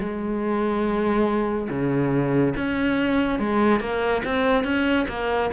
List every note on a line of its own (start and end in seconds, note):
0.00 1.69 G#3
1.70 2.55 C#3
2.57 3.40 C#4
3.40 3.80 G#3
3.80 4.23 A#3
4.25 4.64 C4
4.64 5.07 C#4
5.09 5.51 A#3